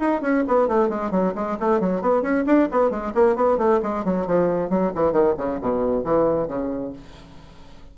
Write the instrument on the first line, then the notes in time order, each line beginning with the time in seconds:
bassoon
0.00 D#4
0.22 C#4
0.48 B3
0.68 A3
0.89 G#3
1.12 F#3
1.36 G#3
1.60 A3
1.81 F#3
2.02 B3
2.23 C#4
2.47 D4
2.72 B3
2.91 G#3
3.15 A#3
3.36 B3
3.58 A3
3.83 G#3
4.05 F#3
4.27 F3
4.70 F#3
4.95 E3
5.13 D#3
5.38 C#3
5.61 B2
6.04 E3
6.48 C#3